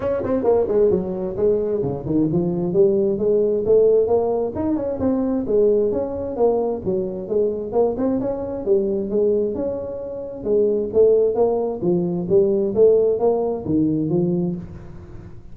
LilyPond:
\new Staff \with { instrumentName = "tuba" } { \time 4/4 \tempo 4 = 132 cis'8 c'8 ais8 gis8 fis4 gis4 | cis8 dis8 f4 g4 gis4 | a4 ais4 dis'8 cis'8 c'4 | gis4 cis'4 ais4 fis4 |
gis4 ais8 c'8 cis'4 g4 | gis4 cis'2 gis4 | a4 ais4 f4 g4 | a4 ais4 dis4 f4 | }